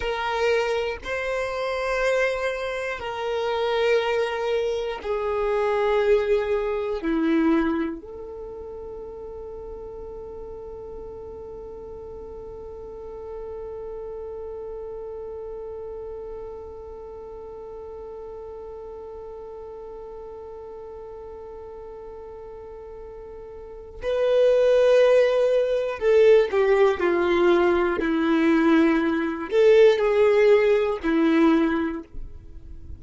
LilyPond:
\new Staff \with { instrumentName = "violin" } { \time 4/4 \tempo 4 = 60 ais'4 c''2 ais'4~ | ais'4 gis'2 e'4 | a'1~ | a'1~ |
a'1~ | a'1 | b'2 a'8 g'8 f'4 | e'4. a'8 gis'4 e'4 | }